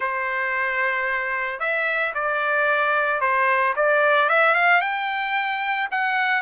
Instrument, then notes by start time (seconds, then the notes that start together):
trumpet
0.00 C5
1.59 E5
2.14 D5
3.20 C5
3.75 D5
4.29 E5
4.54 F5
4.81 G5
5.91 F#5